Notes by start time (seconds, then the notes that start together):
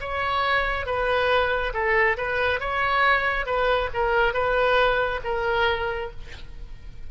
0.00 C#5
0.85 B4
1.73 A4
2.17 B4
2.60 C#5
3.46 B4
3.93 A#4
4.33 B4
5.24 A#4